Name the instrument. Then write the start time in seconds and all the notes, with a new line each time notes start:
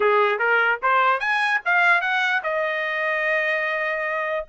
trumpet
0.00 G#4
0.39 A#4
0.82 C5
1.20 G#5
1.65 F5
2.01 F#5
2.43 D#5